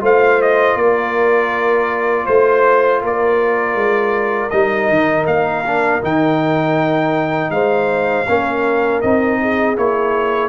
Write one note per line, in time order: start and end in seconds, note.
0.00 0.75 A3
0.00 4.50 F4
0.00 0.77 C5
0.00 0.41 F5
0.41 0.77 D#5
0.75 2.25 A#3
0.75 2.26 D5
0.81 2.25 A#4
2.25 3.02 A3
2.25 3.00 C5
2.25 3.01 C5
3.02 3.75 A#3
3.02 7.52 A#4
3.02 4.50 D5
3.75 4.50 G#3
4.50 4.89 G3
4.50 5.64 D#4
4.50 5.25 D#5
4.89 5.25 D#3
5.25 6.00 A#3
5.25 6.02 F5
5.65 6.01 D4
6.01 7.50 D#3
6.01 8.26 D#4
6.01 7.51 G5
7.50 8.25 G#3
7.50 8.27 C5
7.50 9.01 F5
8.28 9.03 A#3
8.28 9.03 C#4
8.28 9.41 A#4
9.01 9.77 C4
9.01 9.76 D#4
9.01 9.76 D#5
9.41 10.48 G#4
9.76 10.48 A#3
9.76 10.48 E4
9.76 10.48 C#5